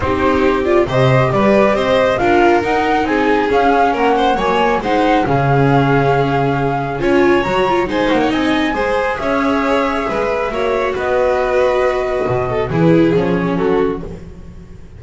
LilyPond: <<
  \new Staff \with { instrumentName = "flute" } { \time 4/4 \tempo 4 = 137 c''4. d''8 dis''4 d''4 | dis''4 f''4 fis''4 gis''4 | f''4 fis''4 gis''4 fis''4 | f''1 |
gis''4 ais''4 gis''8 fis''8 gis''4~ | gis''4 e''2.~ | e''4 dis''2.~ | dis''4 b'4 cis''4 a'4 | }
  \new Staff \with { instrumentName = "violin" } { \time 4/4 g'2 c''4 b'4 | c''4 ais'2 gis'4~ | gis'4 ais'8 c''8 cis''4 c''4 | gis'1 |
cis''2 c''8. cis''16 dis''4 | c''4 cis''2 b'4 | cis''4 b'2.~ | b'8 a'8 gis'2 fis'4 | }
  \new Staff \with { instrumentName = "viola" } { \time 4/4 dis'4. f'8 g'2~ | g'4 f'4 dis'2 | cis'2 ais4 dis'4 | cis'1 |
f'4 fis'8 f'8 dis'2 | gis'1 | fis'1~ | fis'4 e'4 cis'2 | }
  \new Staff \with { instrumentName = "double bass" } { \time 4/4 c'2 c4 g4 | c'4 d'4 dis'4 c'4 | cis'4 ais4 fis4 gis4 | cis1 |
cis'4 fis4 gis8 ais8 c'4 | gis4 cis'2 gis4 | ais4 b2. | b,4 e4 f4 fis4 | }
>>